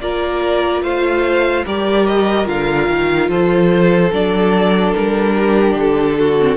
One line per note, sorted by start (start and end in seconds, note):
0.00 0.82 A#3
0.00 1.66 F4
0.00 0.82 A#4
0.00 0.83 D5
0.82 1.64 A3
0.82 1.65 C5
0.82 1.65 F5
1.65 2.47 G3
1.65 2.45 G4
1.65 3.29 A#4
1.65 2.06 D5
2.06 2.47 D#5
2.45 2.88 D3
2.45 4.09 F4
2.45 3.30 F5
2.89 3.29 D#3
3.29 4.11 F3
3.29 5.34 A4
3.29 4.13 C5
4.12 4.94 F#3
4.12 6.39 D4
4.12 4.93 D5
4.93 5.75 G3
4.93 5.76 A#4
5.36 6.18 G4
5.75 6.57 D3
5.75 6.57 A4
6.19 6.57 F#4
6.40 6.57 C4